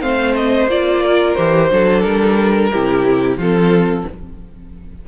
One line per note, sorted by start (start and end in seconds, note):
0.00 0.67 A3
0.00 0.67 C4
0.00 1.03 C5
0.00 0.35 F5
0.35 0.69 D#5
0.67 1.35 A#3
0.67 1.37 F4
0.67 1.34 D5
1.03 1.71 A#4
1.34 1.71 E3
1.34 1.70 G4
1.34 2.01 C5
1.70 2.04 F#3
1.70 2.71 D4
1.70 2.71 A4
2.01 2.72 G3
2.01 3.36 A#4
2.71 3.37 C3
2.71 3.40 E4
2.71 3.37 G4
3.37 4.04 F3
3.37 4.07 C4
3.37 4.05 F4
3.37 4.08 A4